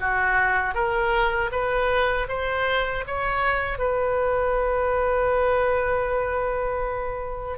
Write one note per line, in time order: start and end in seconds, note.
0.00 0.75 F#4
0.75 1.51 A#4
1.52 2.28 B4
2.29 3.04 C5
3.07 3.79 C#5
3.79 7.58 B4